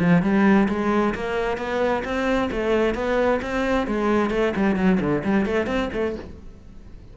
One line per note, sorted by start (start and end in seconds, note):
0.00 0.23 F3
0.23 0.68 G3
0.69 1.15 G#3
1.15 1.58 A#3
1.58 2.04 B3
2.05 2.50 C4
2.52 2.95 A3
2.95 3.40 B3
3.42 3.87 C4
3.87 4.31 G#3
4.31 4.54 A3
4.57 4.76 G3
4.76 4.99 F#3
5.01 5.23 D3
5.25 5.46 G3
5.46 5.67 A3
5.67 5.90 C4
5.93 6.16 A3